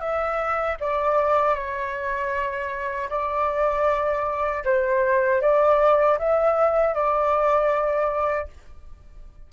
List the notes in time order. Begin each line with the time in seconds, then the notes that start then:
0.00 E5
0.80 D5
1.55 C#5
3.10 D5
4.64 C5
5.41 D5
6.19 E5
6.94 D5